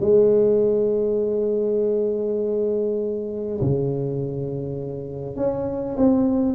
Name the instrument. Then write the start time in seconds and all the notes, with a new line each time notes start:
tuba
0.00 G#3
3.61 C#3
5.36 C#4
5.97 C4